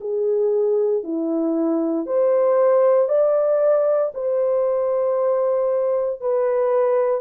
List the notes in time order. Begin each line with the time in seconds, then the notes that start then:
0.00 G#4
1.03 E4
2.06 C5
3.08 D5
4.14 C5
6.20 B4